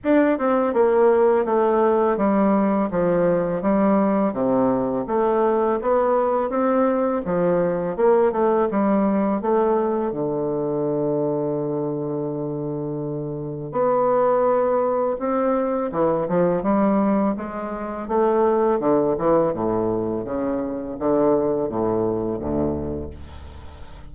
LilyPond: \new Staff \with { instrumentName = "bassoon" } { \time 4/4 \tempo 4 = 83 d'8 c'8 ais4 a4 g4 | f4 g4 c4 a4 | b4 c'4 f4 ais8 a8 | g4 a4 d2~ |
d2. b4~ | b4 c'4 e8 f8 g4 | gis4 a4 d8 e8 a,4 | cis4 d4 a,4 d,4 | }